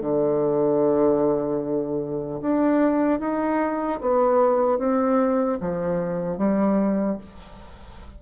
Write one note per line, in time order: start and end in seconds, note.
0.00 2.40 D3
2.41 3.19 D4
3.19 3.99 D#4
4.00 4.78 B3
4.78 5.58 C4
5.60 6.37 F3
6.37 7.17 G3